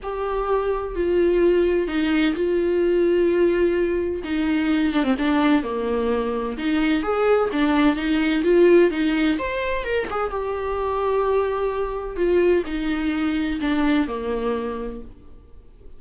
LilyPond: \new Staff \with { instrumentName = "viola" } { \time 4/4 \tempo 4 = 128 g'2 f'2 | dis'4 f'2.~ | f'4 dis'4. d'16 c'16 d'4 | ais2 dis'4 gis'4 |
d'4 dis'4 f'4 dis'4 | c''4 ais'8 gis'8 g'2~ | g'2 f'4 dis'4~ | dis'4 d'4 ais2 | }